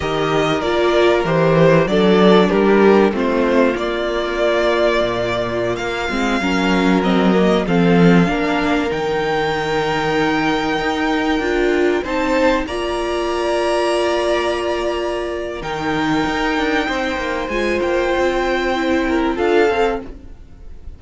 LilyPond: <<
  \new Staff \with { instrumentName = "violin" } { \time 4/4 \tempo 4 = 96 dis''4 d''4 c''4 d''4 | ais'4 c''4 d''2~ | d''4~ d''16 f''2 dis''8.~ | dis''16 f''2 g''4.~ g''16~ |
g''2.~ g''16 a''8.~ | a''16 ais''2.~ ais''8.~ | ais''4 g''2. | gis''8 g''2~ g''8 f''4 | }
  \new Staff \with { instrumentName = "violin" } { \time 4/4 ais'2. a'4 | g'4 f'2.~ | f'2~ f'16 ais'4.~ ais'16~ | ais'16 a'4 ais'2~ ais'8.~ |
ais'2.~ ais'16 c''8.~ | c''16 d''2.~ d''8.~ | d''4 ais'2 c''4~ | c''2~ c''8 ais'8 a'4 | }
  \new Staff \with { instrumentName = "viola" } { \time 4/4 g'4 f'4 g'4 d'4~ | d'4 c'4 ais2~ | ais4.~ ais16 c'8 cis'4 c'8 ais16~ | ais16 c'4 d'4 dis'4.~ dis'16~ |
dis'2~ dis'16 f'4 dis'8.~ | dis'16 f'2.~ f'8.~ | f'4 dis'2. | f'2 e'4 f'8 a'8 | }
  \new Staff \with { instrumentName = "cello" } { \time 4/4 dis4 ais4 e4 fis4 | g4 a4 ais2 | ais,4~ ais,16 ais8 gis8 fis4.~ fis16~ | fis16 f4 ais4 dis4.~ dis16~ |
dis4~ dis16 dis'4 d'4 c'8.~ | c'16 ais2.~ ais8.~ | ais4 dis4 dis'8 d'8 c'8 ais8 | gis8 ais8 c'2 d'8 c'8 | }
>>